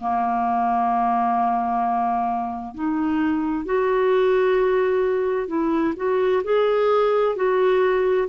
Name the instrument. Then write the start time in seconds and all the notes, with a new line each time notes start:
clarinet
0.00 A#3
2.74 D#4
3.65 F#4
5.48 E4
5.96 F#4
6.44 G#4
7.36 F#4